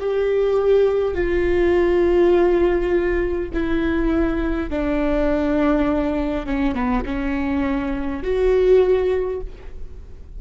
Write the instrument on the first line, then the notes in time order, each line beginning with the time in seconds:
viola
0.00 G4
1.14 F4
3.53 E4
4.70 D4
6.46 C#4
6.74 B3
7.05 C#4
8.23 F#4